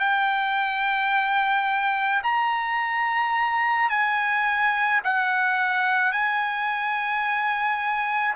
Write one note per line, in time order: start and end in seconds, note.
0.00 2.22 G5
2.24 3.90 A#5
3.90 5.01 G#5
5.05 6.13 F#5
6.13 8.35 G#5